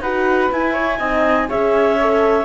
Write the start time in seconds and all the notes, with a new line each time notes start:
0.00 D#4 F#4 B4 F#5
0.51 E4 G#5
0.73 C#5
0.98 C4 D#4 D#5
1.48 C#4 G#4 C#5 E5
2.01 A4